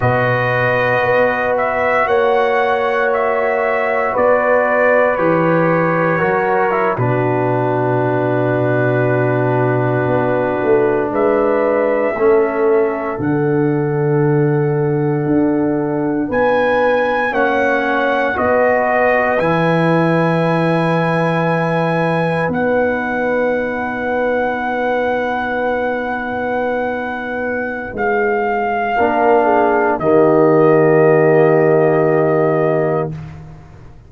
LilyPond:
<<
  \new Staff \with { instrumentName = "trumpet" } { \time 4/4 \tempo 4 = 58 dis''4. e''8 fis''4 e''4 | d''4 cis''4.~ cis''16 b'4~ b'16~ | b'2~ b'8. e''4~ e''16~ | e''8. fis''2. gis''16~ |
gis''8. fis''4 dis''4 gis''4~ gis''16~ | gis''4.~ gis''16 fis''2~ fis''16~ | fis''2. f''4~ | f''4 dis''2. | }
  \new Staff \with { instrumentName = "horn" } { \time 4/4 b'2 cis''2 | b'2 ais'8. fis'4~ fis'16~ | fis'2~ fis'8. b'4 a'16~ | a'2.~ a'8. b'16~ |
b'8. cis''4 b'2~ b'16~ | b'1~ | b'1 | ais'8 gis'8 g'2. | }
  \new Staff \with { instrumentName = "trombone" } { \time 4/4 fis'1~ | fis'4 g'4 fis'8 e'16 d'4~ d'16~ | d'2.~ d'8. cis'16~ | cis'8. d'2.~ d'16~ |
d'8. cis'4 fis'4 e'4~ e'16~ | e'4.~ e'16 dis'2~ dis'16~ | dis'1 | d'4 ais2. | }
  \new Staff \with { instrumentName = "tuba" } { \time 4/4 b,4 b4 ais2 | b4 e4 fis8. b,4~ b,16~ | b,4.~ b,16 b8 a8 gis4 a16~ | a8. d2 d'4 b16~ |
b8. ais4 b4 e4~ e16~ | e4.~ e16 b2~ b16~ | b2. gis4 | ais4 dis2. | }
>>